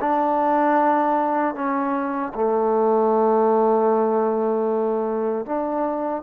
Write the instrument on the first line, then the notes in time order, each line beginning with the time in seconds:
trombone
0.00 D4
1.54 C#4
2.34 A3
5.45 D4